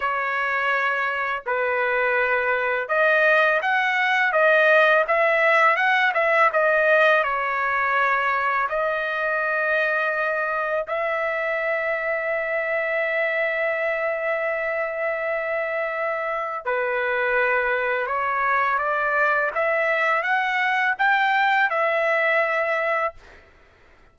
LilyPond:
\new Staff \with { instrumentName = "trumpet" } { \time 4/4 \tempo 4 = 83 cis''2 b'2 | dis''4 fis''4 dis''4 e''4 | fis''8 e''8 dis''4 cis''2 | dis''2. e''4~ |
e''1~ | e''2. b'4~ | b'4 cis''4 d''4 e''4 | fis''4 g''4 e''2 | }